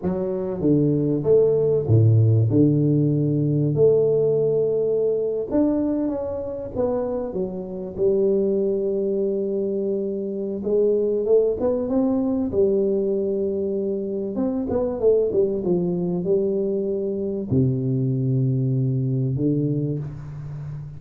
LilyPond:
\new Staff \with { instrumentName = "tuba" } { \time 4/4 \tempo 4 = 96 fis4 d4 a4 a,4 | d2 a2~ | a8. d'4 cis'4 b4 fis16~ | fis8. g2.~ g16~ |
g4 gis4 a8 b8 c'4 | g2. c'8 b8 | a8 g8 f4 g2 | c2. d4 | }